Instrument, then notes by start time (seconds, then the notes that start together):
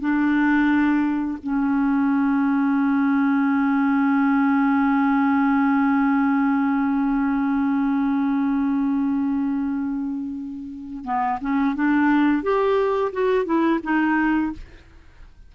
clarinet
0.00 D4
1.43 C#4
11.04 B3
11.41 C#4
11.75 D4
12.43 G4
13.13 F#4
13.45 E4
13.83 D#4